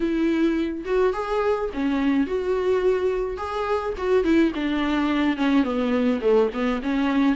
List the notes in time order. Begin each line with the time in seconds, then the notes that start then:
0.00 E4
0.85 F#4
1.13 G#4
1.73 C#4
2.26 F#4
3.37 G#4
3.97 F#4
4.23 E4
4.54 D4
5.36 C#4
5.63 B3
6.21 A3
6.53 B3
6.82 C#4